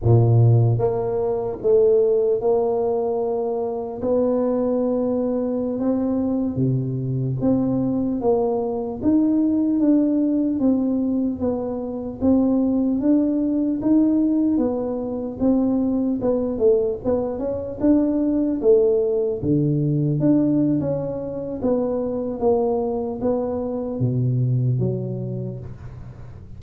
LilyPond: \new Staff \with { instrumentName = "tuba" } { \time 4/4 \tempo 4 = 75 ais,4 ais4 a4 ais4~ | ais4 b2~ b16 c'8.~ | c'16 c4 c'4 ais4 dis'8.~ | dis'16 d'4 c'4 b4 c'8.~ |
c'16 d'4 dis'4 b4 c'8.~ | c'16 b8 a8 b8 cis'8 d'4 a8.~ | a16 d4 d'8. cis'4 b4 | ais4 b4 b,4 fis4 | }